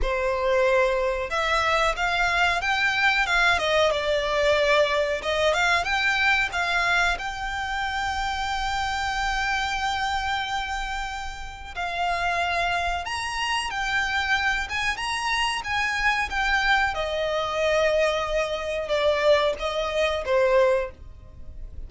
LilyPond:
\new Staff \with { instrumentName = "violin" } { \time 4/4 \tempo 4 = 92 c''2 e''4 f''4 | g''4 f''8 dis''8 d''2 | dis''8 f''8 g''4 f''4 g''4~ | g''1~ |
g''2 f''2 | ais''4 g''4. gis''8 ais''4 | gis''4 g''4 dis''2~ | dis''4 d''4 dis''4 c''4 | }